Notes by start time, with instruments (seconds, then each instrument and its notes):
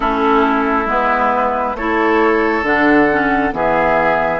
0.00 bassoon A3, clarinet C#4, oboe E4, flute A4
0.86 bassoon G#3, clarinet B3, flute B4
1.74 bassoon A3, clarinet E4, oboe A4, flute C#5
2.62 bassoon D3, clarinet D4, flute F#5
3.11 clarinet C#4
3.52 bassoon E3, clarinet B3, oboe G#4, flute E5